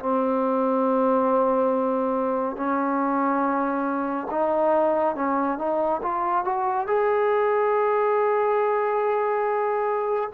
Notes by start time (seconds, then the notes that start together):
0.00 C4
2.57 C#4
4.31 D#4
5.16 C#4
5.59 D#4
6.02 F4
6.45 F#4
6.88 G#4